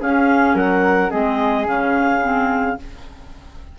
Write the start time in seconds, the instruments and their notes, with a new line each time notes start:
0.00 bassoon C#4, clarinet C#4 F5, flute G#4
0.54 bassoon F#3, flute A#4, clarinet F#5
1.10 bassoon G#3, clarinet C4 D#5, flute G#4
1.65 bassoon C#3, clarinet C#4 F5
2.21 clarinet C4